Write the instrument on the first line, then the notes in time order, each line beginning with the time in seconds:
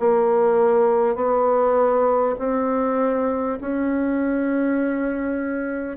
bassoon
0.00 A#3
1.16 B3
2.39 C4
3.61 C#4